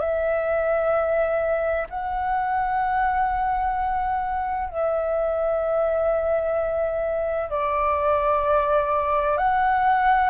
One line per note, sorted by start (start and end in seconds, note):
0.00 1.87 E5
1.90 4.69 F#5
4.69 7.50 E5
7.50 9.38 D5
9.38 10.30 F#5